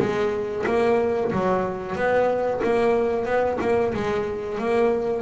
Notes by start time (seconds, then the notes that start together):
0.00 G#3
0.66 A#3
1.32 F#3
1.96 B3
2.64 A#3
3.26 B3
3.61 A#3
3.94 G#3
4.59 A#3